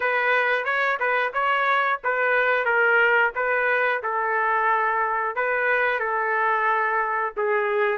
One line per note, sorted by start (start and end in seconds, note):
0.00 0.64 B4
0.64 0.98 C#5
0.99 1.32 B4
1.33 2.00 C#5
2.03 2.65 B4
2.65 3.32 A#4
3.35 4.02 B4
4.02 5.35 A4
5.35 5.99 B4
5.99 7.33 A4
7.36 7.98 G#4